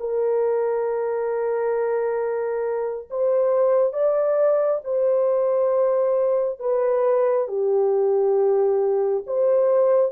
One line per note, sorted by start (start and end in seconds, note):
0.00 3.09 A#4
3.10 3.93 C5
3.93 4.82 D5
4.85 6.60 C5
6.60 7.48 B4
7.48 9.25 G4
9.27 10.12 C5